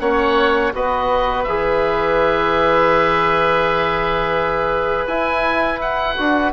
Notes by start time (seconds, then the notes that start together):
0.00 A#3 C#4 C#5 F#5
0.74 B3 F#4 B4 D#5
1.44 E3 G#4 E5
5.07 E4 G#5
5.81 F#5
6.17 D4 F#4